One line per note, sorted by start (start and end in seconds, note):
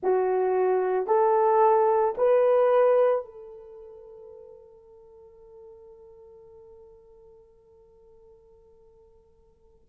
0.02 1.06 F#4
1.06 2.14 A4
2.17 3.24 B4
3.24 9.86 A4